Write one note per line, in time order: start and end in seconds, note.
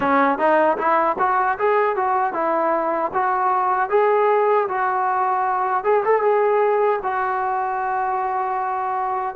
0.00 0.38 C#4
0.38 0.77 D#4
0.77 1.16 E4
1.19 1.58 F#4
1.58 1.96 G#4
1.96 2.33 F#4
2.33 3.11 E4
3.13 3.89 F#4
3.89 4.67 G#4
4.68 5.84 F#4
5.84 6.03 G#4
6.04 6.21 A4
6.21 7.00 G#4
7.03 9.35 F#4